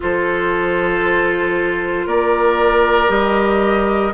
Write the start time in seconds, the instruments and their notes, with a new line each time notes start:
0.00 bassoon F3, clarinet F4, oboe A4, flute C5
2.06 bassoon A#3, oboe A#4, flute D5
3.08 bassoon G3, clarinet G4, flute D#5